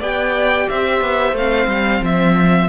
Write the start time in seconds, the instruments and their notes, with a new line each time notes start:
0.00 cello B3, viola G4, violin D5 G5
0.69 cello C4, violin C5 E5
1.01 cello B3
1.33 cello A3, viola C4, violin F5
1.67 cello G3
2.02 cello F3, violin E5